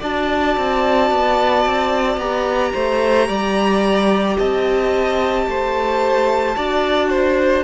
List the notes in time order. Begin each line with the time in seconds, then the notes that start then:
0.00 D4 F#4 D5 A5
0.57 C4
1.11 B3
1.66 C4
2.17 B3 G4 A#5
2.74 A3 C5
3.28 G3 D5
4.38 C4 D#5 A5
5.47 A3 C5
6.57 D4 F#4 D5
7.10 C5